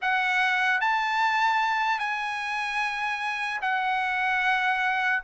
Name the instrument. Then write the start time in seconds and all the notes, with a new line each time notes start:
trumpet
0.01 F#5
0.80 A5
1.99 G#5
3.61 F#5